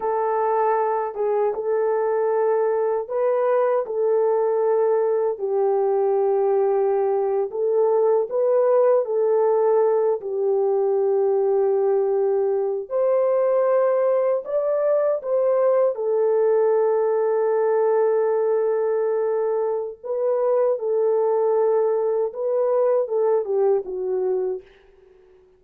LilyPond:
\new Staff \with { instrumentName = "horn" } { \time 4/4 \tempo 4 = 78 a'4. gis'8 a'2 | b'4 a'2 g'4~ | g'4.~ g'16 a'4 b'4 a'16~ | a'4~ a'16 g'2~ g'8.~ |
g'8. c''2 d''4 c''16~ | c''8. a'2.~ a'16~ | a'2 b'4 a'4~ | a'4 b'4 a'8 g'8 fis'4 | }